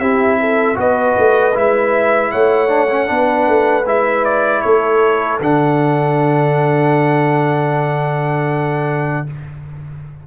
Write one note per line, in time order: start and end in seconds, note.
0.00 0.77 C4
0.00 0.75 E4
0.00 0.39 G4
0.00 0.77 E5
0.40 0.78 A4
0.75 1.16 B3
0.75 1.52 F#4
0.75 2.32 B4
0.75 1.57 D#5
1.19 1.57 A3
1.55 2.34 G#3
1.55 2.69 E4
1.55 2.32 E5
2.32 3.10 A3
2.32 3.09 C#5
2.32 3.86 F#5
2.69 2.88 D4
2.91 3.07 C#4
3.07 3.48 B3
3.07 3.84 D4
3.07 4.64 B4
3.48 3.86 A3
3.86 4.63 G#3
3.86 5.40 E4
3.86 4.25 E5
4.25 4.62 D5
4.62 5.40 A3
4.62 9.27 A4
4.62 5.39 C#5
5.40 9.25 D3
5.40 9.27 D4
5.40 9.27 F#5